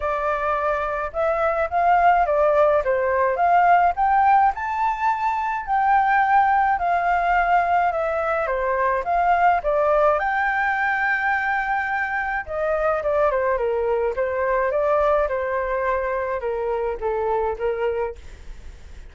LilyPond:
\new Staff \with { instrumentName = "flute" } { \time 4/4 \tempo 4 = 106 d''2 e''4 f''4 | d''4 c''4 f''4 g''4 | a''2 g''2 | f''2 e''4 c''4 |
f''4 d''4 g''2~ | g''2 dis''4 d''8 c''8 | ais'4 c''4 d''4 c''4~ | c''4 ais'4 a'4 ais'4 | }